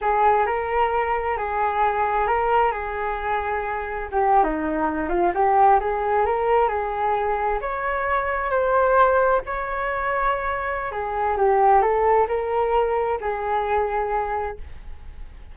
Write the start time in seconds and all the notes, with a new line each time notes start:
0.01 G#4
0.46 A#4
1.37 G#4
2.27 A#4
2.71 G#4
4.11 G4
4.43 D#4
5.09 F4
5.34 G4
5.80 G#4
6.25 A#4
6.68 G#4
7.61 C#5
8.50 C5
9.46 C#5
10.91 G#4
11.37 G4
11.82 A4
12.27 A#4
13.20 G#4